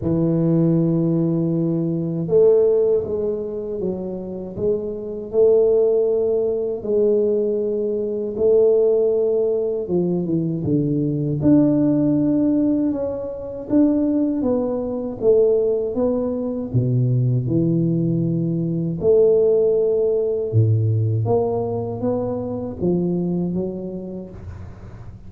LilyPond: \new Staff \with { instrumentName = "tuba" } { \time 4/4 \tempo 4 = 79 e2. a4 | gis4 fis4 gis4 a4~ | a4 gis2 a4~ | a4 f8 e8 d4 d'4~ |
d'4 cis'4 d'4 b4 | a4 b4 b,4 e4~ | e4 a2 a,4 | ais4 b4 f4 fis4 | }